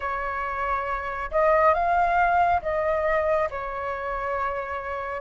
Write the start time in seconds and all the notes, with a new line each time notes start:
0.00 C#5
1.31 D#5
1.74 F5
2.62 D#5
3.50 C#5